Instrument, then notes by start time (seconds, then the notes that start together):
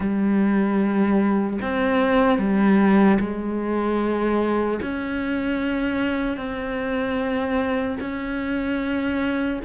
cello
0.00 G3
1.61 C4
2.38 G3
3.20 G#3
4.82 C#4
6.37 C4
8.00 C#4